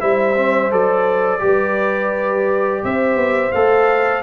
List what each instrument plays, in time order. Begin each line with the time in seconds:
0.00 tuba G3, trombone E4, horn C5, trumpet E5
0.36 trombone C4
0.71 tuba F#3, trombone A4, trumpet D5
1.39 tuba G3, trombone G4, horn B4
2.84 tuba C4, horn C5, trumpet E5
3.15 tuba B3
3.52 tuba A3, trombone A4, trumpet F5